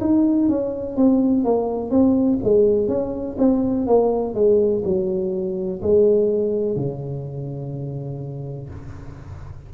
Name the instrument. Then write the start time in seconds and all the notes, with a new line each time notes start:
tuba
0.00 D#4
0.49 C#4
0.96 C4
1.44 A#3
1.90 C4
2.43 G#3
2.88 C#4
3.38 C4
3.87 A#3
4.34 G#3
4.84 F#3
5.82 G#3
6.76 C#3